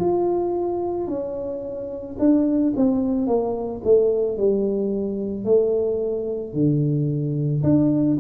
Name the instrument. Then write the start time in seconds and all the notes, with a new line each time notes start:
tuba
0.00 F4
1.08 C#4
2.19 D4
2.76 C4
3.27 A#3
3.84 A3
4.37 G3
5.45 A3
6.54 D3
7.63 D4